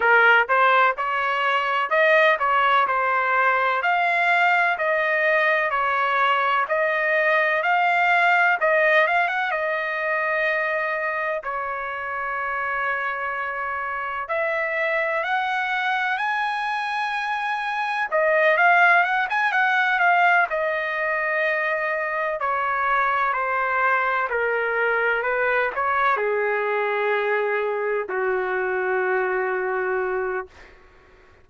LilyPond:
\new Staff \with { instrumentName = "trumpet" } { \time 4/4 \tempo 4 = 63 ais'8 c''8 cis''4 dis''8 cis''8 c''4 | f''4 dis''4 cis''4 dis''4 | f''4 dis''8 f''16 fis''16 dis''2 | cis''2. e''4 |
fis''4 gis''2 dis''8 f''8 | fis''16 gis''16 fis''8 f''8 dis''2 cis''8~ | cis''8 c''4 ais'4 b'8 cis''8 gis'8~ | gis'4. fis'2~ fis'8 | }